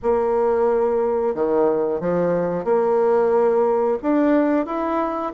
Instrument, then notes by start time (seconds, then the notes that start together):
bassoon
0.02 A#3
1.34 D#3
2.00 F3
2.64 A#3
4.02 D4
4.65 E4